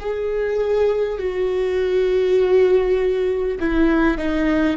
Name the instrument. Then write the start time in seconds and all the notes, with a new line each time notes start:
viola
0.00 G#4
1.19 F#4
3.60 E4
4.18 D#4